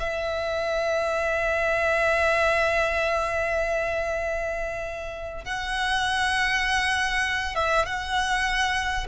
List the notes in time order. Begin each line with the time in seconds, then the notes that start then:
0.00 E5
5.45 F#5
7.56 E5
7.86 F#5